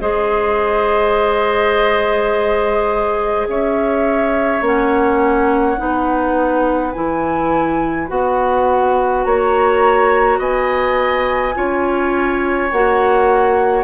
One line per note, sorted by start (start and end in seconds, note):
0.00 3.47 G#3
0.00 4.62 G#4
0.00 3.47 C5
0.00 3.47 D#5
3.48 4.61 C#4
3.48 5.81 C#5
3.48 4.64 E5
4.61 5.77 A#3
4.61 5.77 C#4
4.61 6.92 F#5
5.77 6.95 B3
5.77 6.93 D#4
5.77 9.26 B4
6.92 8.10 E3
6.92 8.07 E4
6.92 8.08 G#5
8.07 9.25 B3
8.07 11.53 F#4
8.07 9.24 F#5
9.24 10.38 A#3
9.24 10.39 C#5
9.24 10.39 A#5
10.38 11.54 B3
10.38 11.54 D#5
10.38 12.72 G#5
11.54 12.72 C#4
11.54 12.69 F4
11.54 13.83 C#5
12.72 13.83 A#3
12.72 13.83 F#4
12.72 13.83 F#5